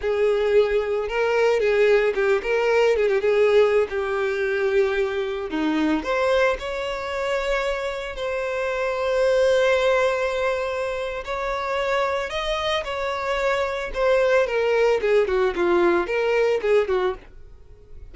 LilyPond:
\new Staff \with { instrumentName = "violin" } { \time 4/4 \tempo 4 = 112 gis'2 ais'4 gis'4 | g'8 ais'4 gis'16 g'16 gis'4~ gis'16 g'8.~ | g'2~ g'16 dis'4 c''8.~ | c''16 cis''2. c''8.~ |
c''1~ | c''4 cis''2 dis''4 | cis''2 c''4 ais'4 | gis'8 fis'8 f'4 ais'4 gis'8 fis'8 | }